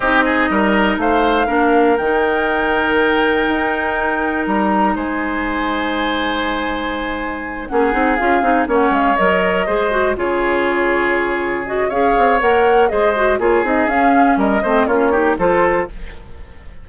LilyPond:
<<
  \new Staff \with { instrumentName = "flute" } { \time 4/4 \tempo 4 = 121 dis''2 f''2 | g''1~ | g''4 ais''4 gis''2~ | gis''2.~ gis''8 fis''8~ |
fis''8 f''4 fis''8 f''8 dis''4.~ | dis''8 cis''2. dis''8 | f''4 fis''4 dis''4 cis''8 dis''8 | f''4 dis''4 cis''4 c''4 | }
  \new Staff \with { instrumentName = "oboe" } { \time 4/4 g'8 gis'8 ais'4 c''4 ais'4~ | ais'1~ | ais'2 c''2~ | c''2.~ c''8 gis'8~ |
gis'4. cis''2 c''8~ | c''8 gis'2.~ gis'8 | cis''2 c''4 gis'4~ | gis'4 ais'8 c''8 f'8 g'8 a'4 | }
  \new Staff \with { instrumentName = "clarinet" } { \time 4/4 dis'2. d'4 | dis'1~ | dis'1~ | dis'2.~ dis'8 cis'8 |
dis'8 f'8 dis'8 cis'4 ais'4 gis'8 | fis'8 f'2. fis'8 | gis'4 ais'4 gis'8 fis'8 f'8 dis'8 | cis'4. c'8 cis'8 dis'8 f'4 | }
  \new Staff \with { instrumentName = "bassoon" } { \time 4/4 c'4 g4 a4 ais4 | dis2. dis'4~ | dis'4 g4 gis2~ | gis2.~ gis8 ais8 |
c'8 cis'8 c'8 ais8 gis8 fis4 gis8~ | gis8 cis2.~ cis8 | cis'8 c'8 ais4 gis4 ais8 c'8 | cis'4 g8 a8 ais4 f4 | }
>>